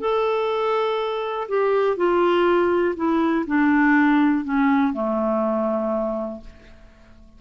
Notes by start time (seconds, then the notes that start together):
0.00 A4
1.49 G4
1.97 F4
2.96 E4
3.47 D4
4.45 C#4
4.93 A3